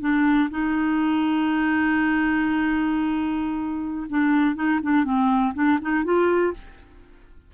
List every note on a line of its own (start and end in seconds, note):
0.00 0.49 D4
0.50 4.06 D#4
4.09 4.55 D4
4.55 4.80 D#4
4.82 5.04 D4
5.04 5.53 C4
5.54 5.79 D4
5.81 6.04 D#4
6.04 6.53 F4